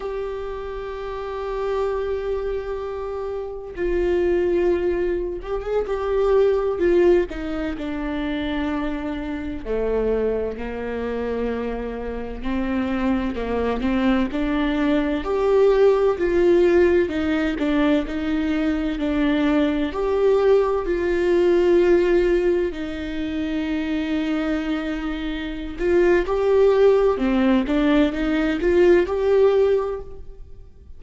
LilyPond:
\new Staff \with { instrumentName = "viola" } { \time 4/4 \tempo 4 = 64 g'1 | f'4.~ f'16 g'16 gis'16 g'4 f'8 dis'16~ | dis'16 d'2 a4 ais8.~ | ais4~ ais16 c'4 ais8 c'8 d'8.~ |
d'16 g'4 f'4 dis'8 d'8 dis'8.~ | dis'16 d'4 g'4 f'4.~ f'16~ | f'16 dis'2.~ dis'16 f'8 | g'4 c'8 d'8 dis'8 f'8 g'4 | }